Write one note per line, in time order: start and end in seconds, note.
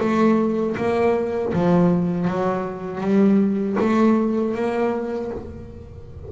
0.00 0.76 A3
0.77 1.53 A#3
1.53 2.28 F3
2.28 3.01 F#3
3.01 3.77 G3
3.79 4.55 A3
4.55 5.31 A#3